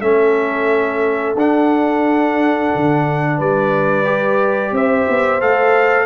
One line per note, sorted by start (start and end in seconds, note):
0.00 1.35 A3
0.00 1.36 C#4
0.00 3.37 A4
0.00 1.36 E5
1.35 2.70 D4
1.35 4.04 D4
1.35 3.40 F#5
2.75 3.39 D3
3.37 4.72 G3
3.37 4.72 B4
3.37 4.75 D5
4.04 5.39 G4
4.72 5.05 C4
4.72 6.06 C5
4.72 5.41 E5
5.08 5.42 B3
5.40 6.06 A3
5.40 6.06 A4
5.40 6.06 F5